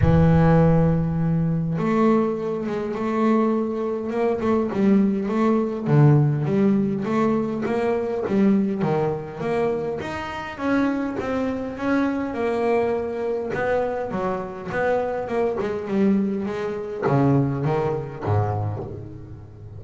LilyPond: \new Staff \with { instrumentName = "double bass" } { \time 4/4 \tempo 4 = 102 e2. a4~ | a8 gis8 a2 ais8 a8 | g4 a4 d4 g4 | a4 ais4 g4 dis4 |
ais4 dis'4 cis'4 c'4 | cis'4 ais2 b4 | fis4 b4 ais8 gis8 g4 | gis4 cis4 dis4 gis,4 | }